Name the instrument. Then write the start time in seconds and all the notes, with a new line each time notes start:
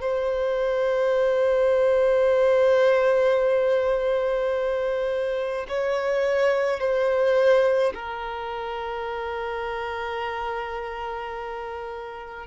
violin
0.00 C5
5.68 C#5
6.80 C5
7.94 A#4